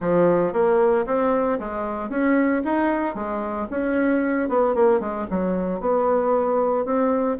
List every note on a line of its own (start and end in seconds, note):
0.00 0.52 F3
0.52 1.05 A#3
1.06 1.58 C4
1.59 2.09 G#3
2.09 2.62 C#4
2.64 3.14 D#4
3.14 3.67 G#3
3.70 4.49 C#4
4.49 4.74 B3
4.74 5.00 A#3
5.00 5.26 G#3
5.30 5.80 F#3
5.80 6.85 B3
6.85 7.37 C4